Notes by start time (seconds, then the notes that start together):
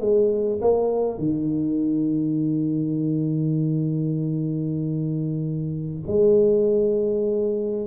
0.00 G#3
0.61 A#3
1.18 D#3
6.07 G#3